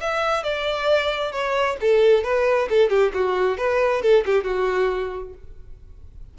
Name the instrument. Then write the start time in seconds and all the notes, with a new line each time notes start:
violin
0.00 E5
0.43 D5
1.32 C#5
1.81 A4
2.23 B4
2.69 A4
2.89 G4
3.14 F#4
3.57 B4
4.02 A4
4.25 G4
4.44 F#4